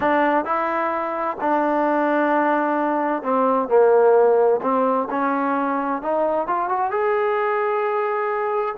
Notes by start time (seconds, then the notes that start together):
0.00 D4
0.44 E4
1.41 D4
3.22 C4
3.68 A#3
4.62 C4
5.10 C#4
6.02 D#4
6.47 F4
6.68 F#4
6.90 G#4